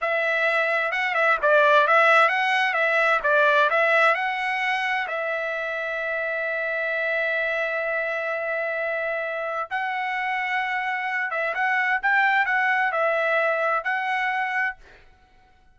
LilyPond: \new Staff \with { instrumentName = "trumpet" } { \time 4/4 \tempo 4 = 130 e''2 fis''8 e''8 d''4 | e''4 fis''4 e''4 d''4 | e''4 fis''2 e''4~ | e''1~ |
e''1~ | e''4 fis''2.~ | fis''8 e''8 fis''4 g''4 fis''4 | e''2 fis''2 | }